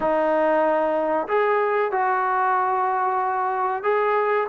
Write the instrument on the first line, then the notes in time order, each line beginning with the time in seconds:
trombone
0.00 D#4
1.28 G#4
1.91 F#4
3.83 G#4